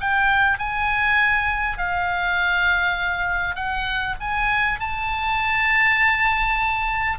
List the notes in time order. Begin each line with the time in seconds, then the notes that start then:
0.00 G5
0.58 G#5
1.77 F5
3.55 F#5
4.20 G#5
4.79 A5